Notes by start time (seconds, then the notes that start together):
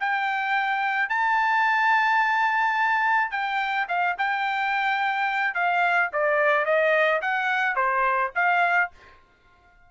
0.00 G5
1.09 A5
3.31 G5
3.88 F5
4.18 G5
5.55 F5
6.13 D5
6.65 D#5
7.22 F#5
7.76 C5
8.35 F5